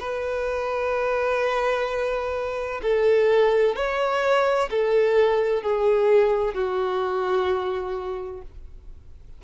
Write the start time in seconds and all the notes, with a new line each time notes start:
0.00 B4
2.83 A4
3.76 C#5
4.70 A4
5.63 G#4
6.55 F#4